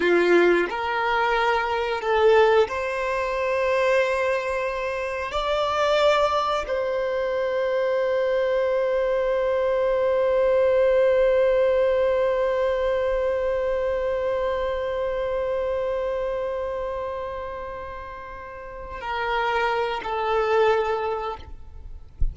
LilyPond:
\new Staff \with { instrumentName = "violin" } { \time 4/4 \tempo 4 = 90 f'4 ais'2 a'4 | c''1 | d''2 c''2~ | c''1~ |
c''1~ | c''1~ | c''1~ | c''8 ais'4. a'2 | }